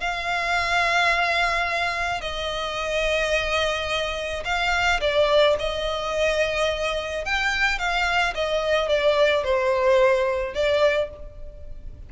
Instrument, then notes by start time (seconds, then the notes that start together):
violin
0.00 F5
2.21 D#5
4.44 F5
5.01 D5
5.59 D#5
7.25 G5
7.78 F5
8.35 D#5
8.88 D5
9.44 C5
10.54 D5